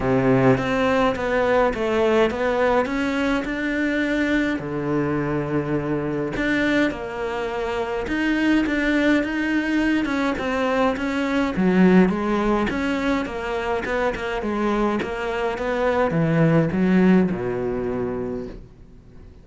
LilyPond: \new Staff \with { instrumentName = "cello" } { \time 4/4 \tempo 4 = 104 c4 c'4 b4 a4 | b4 cis'4 d'2 | d2. d'4 | ais2 dis'4 d'4 |
dis'4. cis'8 c'4 cis'4 | fis4 gis4 cis'4 ais4 | b8 ais8 gis4 ais4 b4 | e4 fis4 b,2 | }